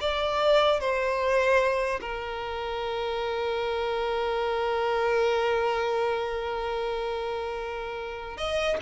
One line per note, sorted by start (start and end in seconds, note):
0.00 0.80 D5
0.80 2.00 C5
2.00 8.37 A#4
8.37 8.77 D#5